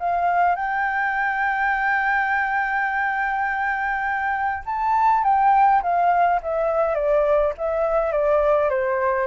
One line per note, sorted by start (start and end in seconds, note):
0.00 0.56 F5
0.56 4.64 G5
4.66 5.24 A5
5.24 5.82 G5
5.83 6.41 F5
6.43 6.95 E5
6.95 7.53 D5
7.58 8.12 E5
8.12 8.70 D5
8.70 9.27 C5